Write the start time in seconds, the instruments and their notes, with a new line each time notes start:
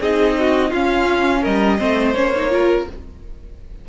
0.00 cello C4, viola D#4, violin G#4 D#5
0.39 violin F#4
0.69 viola C#4, cello C#4, violin F4 F5
1.41 cello G3, violin A#4 D#5
1.78 cello A3, viola C4, violin C5
2.13 cello A#3, viola C#4, violin C#5
2.35 viola D#4
2.50 viola F4, violin A#4